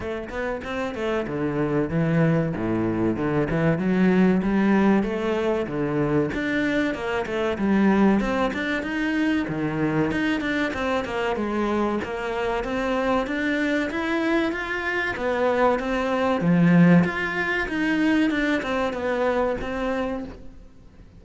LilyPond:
\new Staff \with { instrumentName = "cello" } { \time 4/4 \tempo 4 = 95 a8 b8 c'8 a8 d4 e4 | a,4 d8 e8 fis4 g4 | a4 d4 d'4 ais8 a8 | g4 c'8 d'8 dis'4 dis4 |
dis'8 d'8 c'8 ais8 gis4 ais4 | c'4 d'4 e'4 f'4 | b4 c'4 f4 f'4 | dis'4 d'8 c'8 b4 c'4 | }